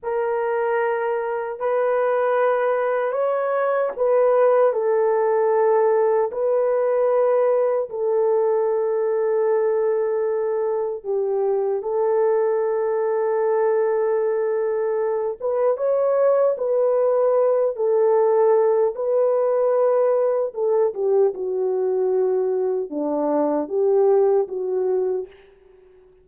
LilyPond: \new Staff \with { instrumentName = "horn" } { \time 4/4 \tempo 4 = 76 ais'2 b'2 | cis''4 b'4 a'2 | b'2 a'2~ | a'2 g'4 a'4~ |
a'2.~ a'8 b'8 | cis''4 b'4. a'4. | b'2 a'8 g'8 fis'4~ | fis'4 d'4 g'4 fis'4 | }